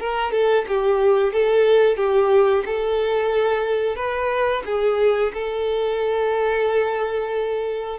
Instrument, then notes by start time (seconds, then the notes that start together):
violin
0.00 A#4
0.32 A4
0.68 G4
1.33 A4
1.97 G4
2.66 A4
3.96 B4
4.66 G#4
5.34 A4